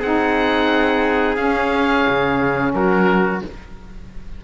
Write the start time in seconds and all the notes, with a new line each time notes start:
0.00 C4 D#4 G#4 F#5
1.36 C#4 F5
2.09 C#3
2.74 F#3 F#4 A#4